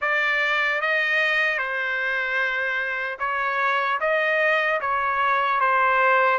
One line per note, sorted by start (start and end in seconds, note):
0.01 0.81 D5
0.81 1.58 D#5
1.58 3.18 C5
3.19 3.99 C#5
4.00 4.80 D#5
4.80 5.60 C#5
5.60 6.39 C5